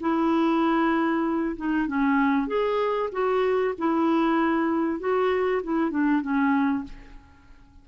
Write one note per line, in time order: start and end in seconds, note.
0.00 1.56 E4
1.56 1.87 D#4
1.87 2.47 C#4
2.47 3.10 G#4
3.12 3.74 F#4
3.78 4.99 E4
4.99 5.62 F#4
5.63 5.91 E4
5.91 6.22 D4
6.22 6.84 C#4